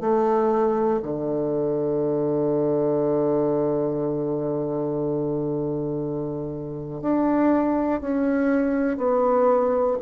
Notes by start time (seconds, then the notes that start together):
0.00 A3
1.02 D3
7.01 D4
8.00 C#4
8.97 B3